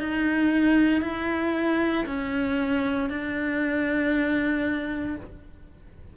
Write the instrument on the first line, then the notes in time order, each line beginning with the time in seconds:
cello
0.00 D#4
1.02 E4
2.07 C#4
3.10 D4